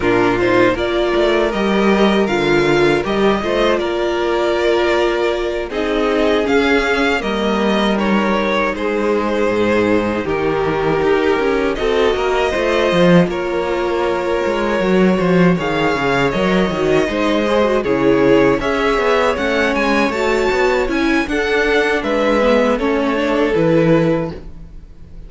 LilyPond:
<<
  \new Staff \with { instrumentName = "violin" } { \time 4/4 \tempo 4 = 79 ais'8 c''8 d''4 dis''4 f''4 | dis''4 d''2~ d''8 dis''8~ | dis''8 f''4 dis''4 cis''4 c''8~ | c''4. ais'2 dis''8~ |
dis''4. cis''2~ cis''8~ | cis''8 f''4 dis''2 cis''8~ | cis''8 e''4 fis''8 gis''8 a''4 gis''8 | fis''4 e''4 cis''4 b'4 | }
  \new Staff \with { instrumentName = "violin" } { \time 4/4 f'4 ais'2.~ | ais'8 c''8 ais'2~ ais'8 gis'8~ | gis'4. ais'2 gis'8~ | gis'4. g'2 a'8 |
ais'8 c''4 ais'2~ ais'8 | c''8 cis''2 c''4 gis'8~ | gis'8 cis''2.~ cis''8 | a'4 b'4 a'2 | }
  \new Staff \with { instrumentName = "viola" } { \time 4/4 d'8 dis'8 f'4 g'4 f'4 | g'8 f'2. dis'8~ | dis'8 cis'4 ais4 dis'4.~ | dis'2.~ dis'8 fis'8~ |
fis'8 f'2. fis'8~ | fis'8 gis'4 ais'8 fis'8 dis'8 gis'16 fis'16 e'8~ | e'8 gis'4 cis'4 fis'4 e'8 | d'4. b8 cis'8 d'8 e'4 | }
  \new Staff \with { instrumentName = "cello" } { \time 4/4 ais,4 ais8 a8 g4 d4 | g8 a8 ais2~ ais8 c'8~ | c'8 cis'4 g2 gis8~ | gis8 gis,4 dis4 dis'8 cis'8 c'8 |
ais8 a8 f8 ais4. gis8 fis8 | f8 dis8 cis8 fis8 dis8 gis4 cis8~ | cis8 cis'8 b8 a8 gis8 a8 b8 cis'8 | d'4 gis4 a4 e4 | }
>>